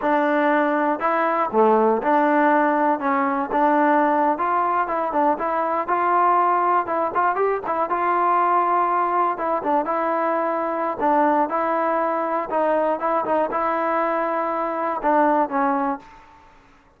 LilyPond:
\new Staff \with { instrumentName = "trombone" } { \time 4/4 \tempo 4 = 120 d'2 e'4 a4 | d'2 cis'4 d'4~ | d'8. f'4 e'8 d'8 e'4 f'16~ | f'4.~ f'16 e'8 f'8 g'8 e'8 f'16~ |
f'2~ f'8. e'8 d'8 e'16~ | e'2 d'4 e'4~ | e'4 dis'4 e'8 dis'8 e'4~ | e'2 d'4 cis'4 | }